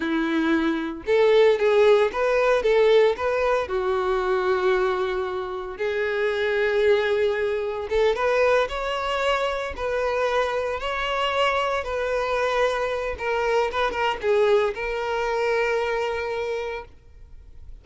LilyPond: \new Staff \with { instrumentName = "violin" } { \time 4/4 \tempo 4 = 114 e'2 a'4 gis'4 | b'4 a'4 b'4 fis'4~ | fis'2. gis'4~ | gis'2. a'8 b'8~ |
b'8 cis''2 b'4.~ | b'8 cis''2 b'4.~ | b'4 ais'4 b'8 ais'8 gis'4 | ais'1 | }